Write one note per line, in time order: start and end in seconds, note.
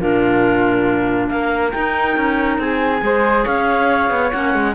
0.00 1.29 A#2
0.00 1.72 D4
0.00 1.30 F4
0.00 1.28 A#4
1.28 1.73 A#3
1.28 2.60 A#4
1.28 1.71 F5
1.71 3.00 D#4
1.71 2.16 D#4
1.71 2.57 G5
2.16 2.58 C#4
2.58 3.01 C4
2.58 3.03 G#4
2.58 3.46 G#5
3.00 3.44 G#3
3.00 4.30 G#4
3.00 3.43 C5
3.43 4.10 C#4
3.43 4.73 C#5
3.43 4.31 F5
4.10 4.31 B3
4.31 4.54 A#3
4.31 4.74 C#4
4.31 4.74 F#5
4.54 4.74 G#3